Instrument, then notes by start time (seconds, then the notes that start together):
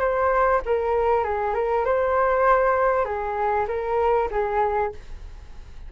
flute
0.00 C5
0.66 A#4
1.24 G#4
1.54 A#4
1.85 C5
3.05 G#4
3.68 A#4
4.31 G#4